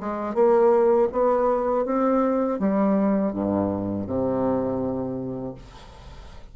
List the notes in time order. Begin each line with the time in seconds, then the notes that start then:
0.00 G#3
0.34 A#3
1.12 B3
1.85 C4
2.60 G3
3.33 G2
4.07 C3